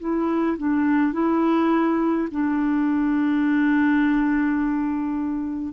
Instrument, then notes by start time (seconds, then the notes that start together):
clarinet
0.00 E4
0.58 D4
1.13 E4
2.32 D4